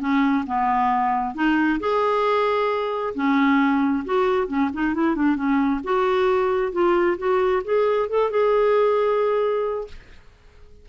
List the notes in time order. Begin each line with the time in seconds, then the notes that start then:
0.00 C#4
0.47 B3
1.35 D#4
1.80 G#4
3.15 C#4
4.05 F#4
4.48 C#4
4.74 D#4
4.95 E4
5.16 D4
5.36 C#4
5.84 F#4
6.72 F4
7.18 F#4
7.64 G#4
8.09 A4
8.31 G#4